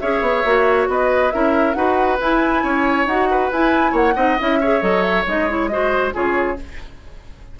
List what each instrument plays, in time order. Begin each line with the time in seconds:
0.00 bassoon C#4, clarinet G#4, oboe C#5, flute E5
0.22 bassoon B3
0.45 bassoon A#3, clarinet F#4
0.89 bassoon B3, oboe B4, flute D#5
1.31 bassoon C#4, clarinet E4, oboe A#4, flute E5
1.74 bassoon D#4, clarinet F#4, oboe B4, flute F#5
2.20 bassoon E4, clarinet E4, flute G#5
2.64 bassoon C#4, oboe C#5
3.06 bassoon D#4, clarinet F#4, flute F#5
3.31 oboe B4
3.52 clarinet E4, bassoon E4, flute G#5
3.92 bassoon A#3, oboe C#5, flute F#5
4.15 bassoon C4, clarinet D#4, oboe D#5
4.40 bassoon C#4, clarinet E4, flute E5
4.61 clarinet G#4, oboe C#5
4.81 bassoon F#3, clarinet A4, flute D#5
5.03 flute E5
5.27 bassoon G#3, clarinet D#4, flute D#5
5.49 clarinet E4, flute C#5
5.68 clarinet F#4, oboe C5, flute D#5
6.13 bassoon C#3, clarinet F4, oboe G#4, flute C#5